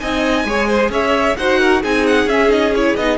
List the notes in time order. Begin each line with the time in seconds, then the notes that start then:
0.00 C4 D#4 D#5 G#5
0.44 G#3 G#4 C#5
0.68 C5
0.89 C#4 C#5 E5
1.37 D#4 F#4 C5 F#5
1.60 A#4
1.82 C4 D#4 G#4 G#5
2.06 F#5
2.26 C#4 E5
2.48 D#4 D#5
2.76 E4 C#5
2.96 B3 D#4 D#5